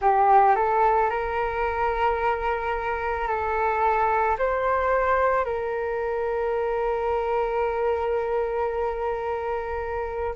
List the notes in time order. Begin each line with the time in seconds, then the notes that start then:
0.01 G4
0.55 A4
1.10 A#4
3.27 A4
4.38 C5
5.44 A#4